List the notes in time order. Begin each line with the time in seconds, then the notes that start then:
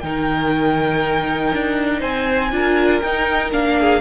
0.00 D#3 D#4 A#4 G5
1.52 D4
1.99 C4 C5 G#5
2.52 D4 F4 A#4
3.00 D#4 G5
3.52 A#3 D4 F5
3.80 G#4